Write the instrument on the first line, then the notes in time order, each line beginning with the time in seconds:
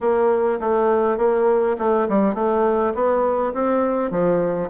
bassoon
0.00 A#3
0.60 A3
1.17 A#3
1.78 A3
2.08 G3
2.34 A3
2.94 B3
3.53 C4
4.10 F3